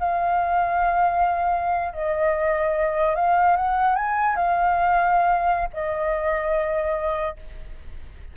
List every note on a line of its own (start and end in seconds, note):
0.00 1.94 F5
1.94 3.16 D#5
3.16 3.57 F5
3.57 3.96 F#5
3.96 4.37 G#5
4.37 5.69 F5
5.74 7.37 D#5